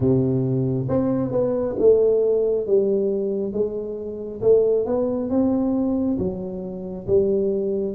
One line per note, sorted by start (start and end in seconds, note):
0.00 0.87 C3
0.88 1.31 C4
1.31 1.75 B3
1.78 2.66 A3
2.66 3.53 G3
3.53 4.41 G#3
4.41 4.85 A3
4.85 5.29 B3
5.29 6.18 C4
6.18 7.06 F#3
7.07 7.94 G3